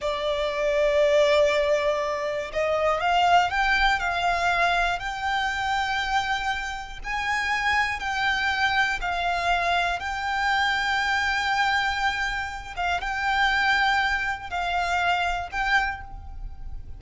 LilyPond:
\new Staff \with { instrumentName = "violin" } { \time 4/4 \tempo 4 = 120 d''1~ | d''4 dis''4 f''4 g''4 | f''2 g''2~ | g''2 gis''2 |
g''2 f''2 | g''1~ | g''4. f''8 g''2~ | g''4 f''2 g''4 | }